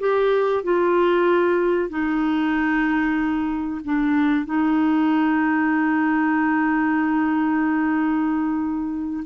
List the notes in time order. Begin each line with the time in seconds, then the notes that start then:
0.00 G4
0.64 F4
1.90 D#4
3.84 D4
4.46 D#4